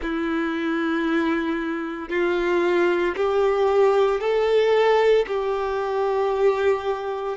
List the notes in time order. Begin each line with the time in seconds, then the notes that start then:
0.02 E4
2.09 F4
3.16 G4
4.20 A4
5.27 G4